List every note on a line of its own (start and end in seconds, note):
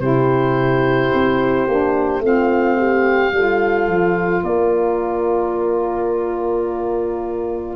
0.00 1.11 C3
0.00 1.68 E4
0.00 2.25 G4
0.00 2.23 C5
1.14 1.67 C4
1.67 2.19 A#3
1.67 2.22 D4
2.19 3.31 A3
2.19 3.33 C4
2.26 2.79 F4
2.26 4.44 F5
2.79 3.34 G4
3.32 3.88 G3
3.32 7.76 F4
3.32 4.44 A4
3.88 4.43 F3
4.44 7.76 A#3
4.44 7.76 A#4
4.44 7.76 D5